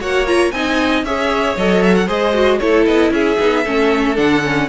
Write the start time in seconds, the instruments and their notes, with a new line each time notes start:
0.00 cello A#3, viola F#4, violin C#5 F#5
0.26 viola F4, violin A#5
0.51 cello C4, viola D#4, violin D#5 G#5
1.03 cello C#4, viola G#4, violin C#5 E5
1.57 cello F#3, viola A4, violin D#5
1.83 violin E5
1.95 violin F#5
2.06 cello G#3, viola G#4, violin C5 D#5
2.33 viola F#4
2.59 cello A3, viola E4, violin A4 C#5
2.85 cello B3, violin D#5
3.11 cello C#4, violin G#4 E5
3.38 cello B3, viola D#4
3.64 cello A3, viola C#4, violin A4
4.15 cello D3, viola D4, violin F#5
4.43 viola C#4